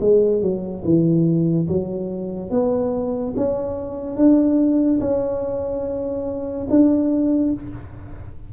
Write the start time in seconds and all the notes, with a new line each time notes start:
0.00 G#3
0.41 F#3
0.84 E3
1.67 F#3
2.50 B3
3.36 C#4
4.16 D4
5.00 C#4
6.70 D4